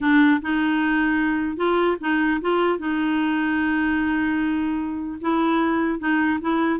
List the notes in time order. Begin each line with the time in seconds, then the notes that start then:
0.00 D4
0.41 D#4
1.57 F4
2.00 D#4
2.41 F4
2.78 D#4
5.21 E4
5.99 D#4
6.40 E4